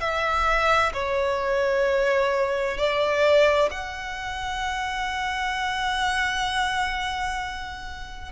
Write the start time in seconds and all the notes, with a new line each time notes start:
0.00 E5
0.93 C#5
2.77 D5
3.71 F#5